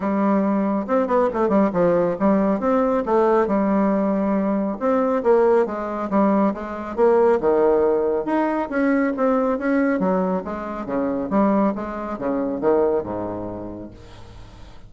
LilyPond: \new Staff \with { instrumentName = "bassoon" } { \time 4/4 \tempo 4 = 138 g2 c'8 b8 a8 g8 | f4 g4 c'4 a4 | g2. c'4 | ais4 gis4 g4 gis4 |
ais4 dis2 dis'4 | cis'4 c'4 cis'4 fis4 | gis4 cis4 g4 gis4 | cis4 dis4 gis,2 | }